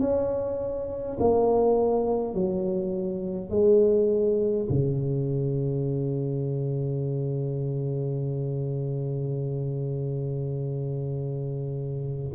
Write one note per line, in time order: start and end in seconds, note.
0.00 1.18 C#4
1.20 2.35 A#3
2.35 3.50 F#3
3.50 4.68 G#3
4.70 12.34 C#3